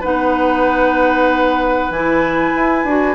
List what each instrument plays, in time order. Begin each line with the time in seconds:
0.00 bassoon B3, clarinet D#4, oboe B4, flute F#5
1.90 bassoon E3, clarinet E4, flute G#5
2.55 bassoon E4
2.84 bassoon D4, clarinet F#4